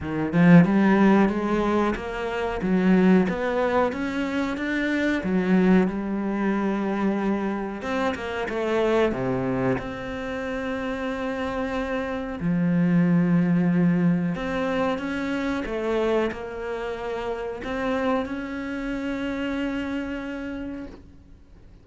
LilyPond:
\new Staff \with { instrumentName = "cello" } { \time 4/4 \tempo 4 = 92 dis8 f8 g4 gis4 ais4 | fis4 b4 cis'4 d'4 | fis4 g2. | c'8 ais8 a4 c4 c'4~ |
c'2. f4~ | f2 c'4 cis'4 | a4 ais2 c'4 | cis'1 | }